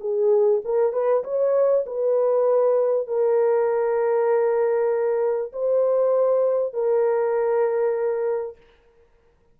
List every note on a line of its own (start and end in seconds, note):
0.00 0.61 G#4
0.64 0.92 A#4
0.92 1.23 B4
1.24 1.85 C#5
1.86 3.07 B4
3.07 5.52 A#4
5.52 6.73 C5
6.73 8.57 A#4